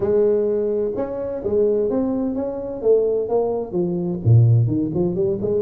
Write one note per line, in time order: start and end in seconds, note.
0.00 0.91 G#3
0.96 1.43 C#4
1.43 1.89 G#3
1.89 2.35 C4
2.35 2.81 C#4
2.81 3.28 A3
3.29 3.72 A#3
3.72 4.19 F3
4.24 4.67 A#2
4.67 4.90 D#3
4.94 5.15 F3
5.15 5.38 G3
5.41 5.61 G#3